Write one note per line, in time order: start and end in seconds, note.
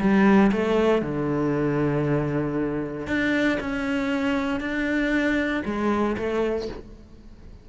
0.00 0.51 G3
0.52 1.02 A3
1.02 3.07 D3
3.07 3.59 D4
3.61 4.60 C#4
4.60 5.63 D4
5.65 6.16 G#3
6.17 6.68 A3